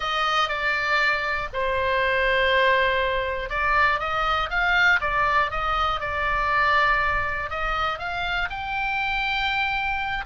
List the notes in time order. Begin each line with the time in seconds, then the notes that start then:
0.00 D#5
0.48 D5
1.53 C5
3.49 D5
3.99 D#5
4.50 F5
5.00 D5
5.50 D#5
6.00 D5
7.50 D#5
7.98 F5
8.50 G5